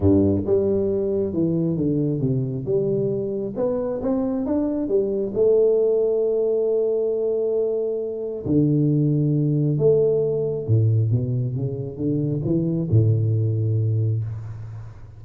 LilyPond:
\new Staff \with { instrumentName = "tuba" } { \time 4/4 \tempo 4 = 135 g,4 g2 e4 | d4 c4 g2 | b4 c'4 d'4 g4 | a1~ |
a2. d4~ | d2 a2 | a,4 b,4 cis4 d4 | e4 a,2. | }